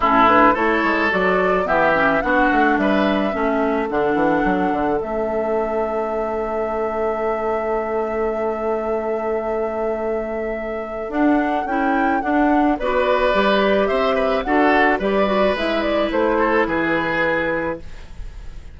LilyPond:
<<
  \new Staff \with { instrumentName = "flute" } { \time 4/4 \tempo 4 = 108 a'8 b'8 cis''4 d''4 e''4 | fis''4 e''2 fis''4~ | fis''4 e''2.~ | e''1~ |
e''1 | fis''4 g''4 fis''4 d''4~ | d''4 e''4 fis''4 d''4 | e''8 d''8 c''4 b'2 | }
  \new Staff \with { instrumentName = "oboe" } { \time 4/4 e'4 a'2 g'4 | fis'4 b'4 a'2~ | a'1~ | a'1~ |
a'1~ | a'2. b'4~ | b'4 c''8 b'8 a'4 b'4~ | b'4. a'8 gis'2 | }
  \new Staff \with { instrumentName = "clarinet" } { \time 4/4 cis'8 d'8 e'4 fis'4 b8 cis'8 | d'2 cis'4 d'4~ | d'4 cis'2.~ | cis'1~ |
cis'1 | d'4 e'4 d'4 fis'4 | g'2 fis'4 g'8 fis'8 | e'1 | }
  \new Staff \with { instrumentName = "bassoon" } { \time 4/4 a,4 a8 gis8 fis4 e4 | b8 a8 g4 a4 d8 e8 | fis8 d8 a2.~ | a1~ |
a1 | d'4 cis'4 d'4 b4 | g4 c'4 d'4 g4 | gis4 a4 e2 | }
>>